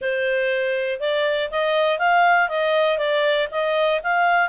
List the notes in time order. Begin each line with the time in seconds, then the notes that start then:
0.01 C5
1.00 D5
1.50 D#5
1.98 F5
2.48 D#5
2.97 D5
3.51 D#5
4.03 F5